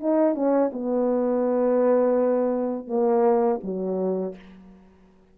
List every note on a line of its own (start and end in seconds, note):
0.00 0.35 D#4
0.35 0.71 C#4
0.72 2.87 B3
2.87 3.59 A#3
3.63 4.35 F#3